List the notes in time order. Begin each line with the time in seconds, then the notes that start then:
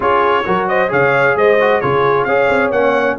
0.00 C#4 F4 G#4 C#5
0.44 F#3 F#4 A#4
0.67 C5 D#5
0.88 C#3 G#4 C#5 F5
1.35 G#3 C5 D#5
1.60 F#4
1.80 C#3 F4 G#4 C#5
2.24 C#4 G#4 C#5 F5
2.49 C4
2.70 A#3 C#4 F#5